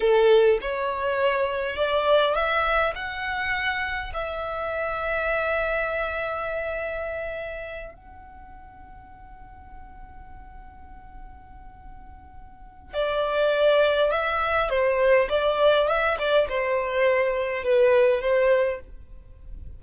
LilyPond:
\new Staff \with { instrumentName = "violin" } { \time 4/4 \tempo 4 = 102 a'4 cis''2 d''4 | e''4 fis''2 e''4~ | e''1~ | e''4. fis''2~ fis''8~ |
fis''1~ | fis''2 d''2 | e''4 c''4 d''4 e''8 d''8 | c''2 b'4 c''4 | }